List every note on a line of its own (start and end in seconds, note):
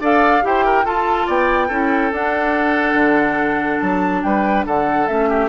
0.00 0.42 D4
0.00 0.42 A4
0.00 0.43 D5
0.00 0.46 F5
0.42 0.84 E4
0.42 0.84 G4
0.42 0.65 C5
0.42 0.86 G5
0.65 0.85 A#4
0.84 1.26 F4
0.84 1.69 F4
0.84 1.26 A4
0.84 1.28 A5
1.26 1.70 B3
1.26 1.67 D5
1.26 2.13 G5
1.67 2.11 C#4
1.67 2.11 E4
1.67 4.21 A4
2.11 2.93 D4
2.11 5.07 D4
2.11 3.79 F#5
2.93 3.78 D3
3.79 4.23 F#3
3.79 4.22 A5
4.22 4.65 G3
4.22 4.65 B4
4.22 4.65 G5
4.65 5.08 D3
4.65 5.29 A4
4.65 5.07 F#5
5.07 5.49 A3
5.07 5.49 C#4
5.07 5.49 E5
5.29 5.49 G4